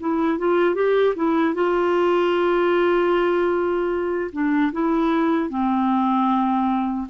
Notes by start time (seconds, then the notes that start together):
0.00 E4
0.38 F4
0.75 G4
1.16 E4
1.55 F4
4.32 D4
4.72 E4
5.50 C4